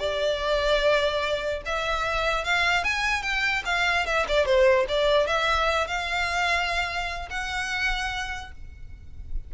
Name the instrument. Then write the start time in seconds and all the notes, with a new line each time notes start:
violin
0.00 D5
1.66 E5
2.45 F5
2.84 G#5
3.23 G5
3.66 F5
4.06 E5
4.28 D5
4.46 C5
4.89 D5
5.27 E5
5.87 F5
7.30 F#5